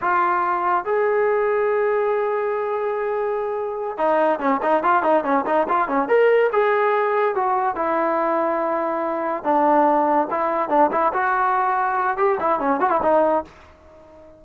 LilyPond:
\new Staff \with { instrumentName = "trombone" } { \time 4/4 \tempo 4 = 143 f'2 gis'2~ | gis'1~ | gis'4. dis'4 cis'8 dis'8 f'8 | dis'8 cis'8 dis'8 f'8 cis'8 ais'4 gis'8~ |
gis'4. fis'4 e'4.~ | e'2~ e'8 d'4.~ | d'8 e'4 d'8 e'8 fis'4.~ | fis'4 g'8 e'8 cis'8 fis'16 e'16 dis'4 | }